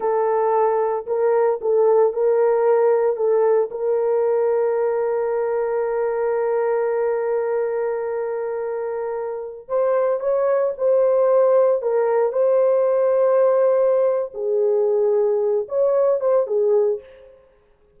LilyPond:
\new Staff \with { instrumentName = "horn" } { \time 4/4 \tempo 4 = 113 a'2 ais'4 a'4 | ais'2 a'4 ais'4~ | ais'1~ | ais'1~ |
ais'2~ ais'16 c''4 cis''8.~ | cis''16 c''2 ais'4 c''8.~ | c''2. gis'4~ | gis'4. cis''4 c''8 gis'4 | }